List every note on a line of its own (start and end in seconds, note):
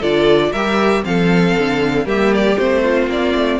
0.00 0.53 D3
0.00 0.54 F4
0.00 0.51 A4
0.00 0.53 D5
0.52 1.05 G3
0.52 1.03 G4
0.52 1.03 A#4
0.52 1.04 E5
1.03 1.57 F3
1.03 2.06 C4
1.03 2.05 A4
1.03 2.07 F5
1.58 2.06 D3
2.05 2.57 G3
2.05 2.57 A#3
2.05 2.82 G4
2.05 2.34 E5
2.35 2.58 D5
2.58 3.08 A3
2.58 3.60 C4
2.58 3.10 C5
2.83 3.60 F4
3.08 3.34 A#3
3.08 3.60 D5
3.35 3.60 A3